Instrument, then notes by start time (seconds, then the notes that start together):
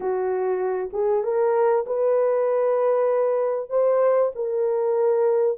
horn
0.00 F#4
0.93 G#4
1.23 A#4
1.86 B4
3.69 C5
4.35 A#4